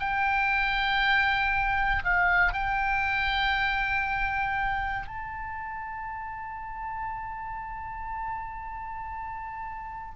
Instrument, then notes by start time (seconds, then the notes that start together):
oboe
0.00 G5
2.04 F5
2.53 G5
5.08 A5